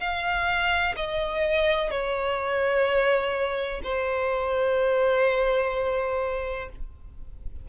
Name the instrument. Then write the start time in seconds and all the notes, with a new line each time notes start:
violin
0.00 F5
0.96 D#5
1.91 C#5
3.84 C5